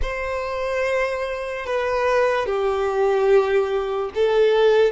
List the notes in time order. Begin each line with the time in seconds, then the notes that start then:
0.01 C5
1.66 B4
2.45 G4
4.14 A4